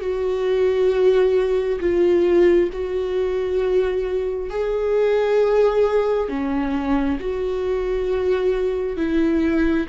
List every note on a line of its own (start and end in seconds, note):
0.00 1.79 F#4
1.80 2.69 F4
2.72 4.50 F#4
4.50 6.28 G#4
6.28 7.18 C#4
7.20 8.97 F#4
8.97 9.86 E4